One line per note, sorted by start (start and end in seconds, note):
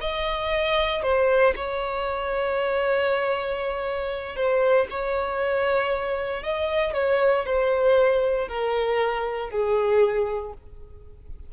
0.00 1.02 D#5
1.02 1.53 C5
1.55 4.35 C#5
4.35 4.87 C5
4.90 6.43 C#5
6.43 6.93 D#5
6.93 7.45 C#5
7.45 8.48 C5
8.48 9.50 A#4
9.50 10.52 G#4